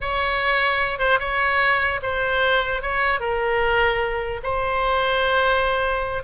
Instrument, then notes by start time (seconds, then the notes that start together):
oboe
0.01 C#5
0.98 C5
1.19 C#5
2.02 C5
2.82 C#5
3.20 A#4
4.43 C5